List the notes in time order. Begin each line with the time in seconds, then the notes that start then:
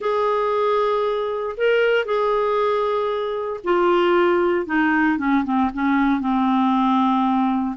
0.00 G#4
1.57 A#4
2.05 G#4
3.64 F4
4.66 D#4
5.17 C#4
5.44 C4
5.73 C#4
6.20 C4